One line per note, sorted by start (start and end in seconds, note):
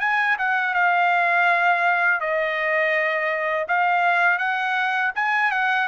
0.00 0.37 G#5
0.38 0.74 F#5
0.74 2.20 F5
2.21 3.67 D#5
3.68 4.38 F5
4.38 5.12 F#5
5.15 5.51 G#5
5.51 5.88 F#5